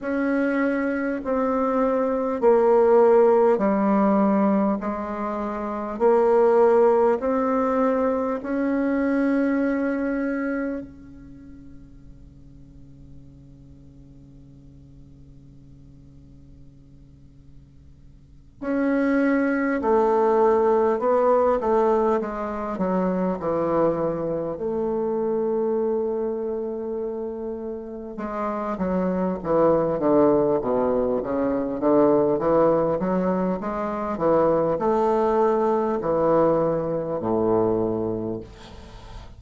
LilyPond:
\new Staff \with { instrumentName = "bassoon" } { \time 4/4 \tempo 4 = 50 cis'4 c'4 ais4 g4 | gis4 ais4 c'4 cis'4~ | cis'4 cis2.~ | cis2.~ cis8 cis'8~ |
cis'8 a4 b8 a8 gis8 fis8 e8~ | e8 a2. gis8 | fis8 e8 d8 b,8 cis8 d8 e8 fis8 | gis8 e8 a4 e4 a,4 | }